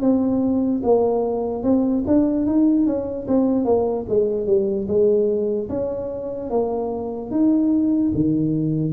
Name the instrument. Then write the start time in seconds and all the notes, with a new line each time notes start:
tuba
0.00 C4
0.83 A#3
1.63 C4
2.07 D4
2.46 D#4
2.86 C#4
3.27 C4
3.65 A#3
4.09 G#3
4.46 G3
4.88 G#3
5.69 C#4
6.50 A#3
7.31 D#4
8.14 D#3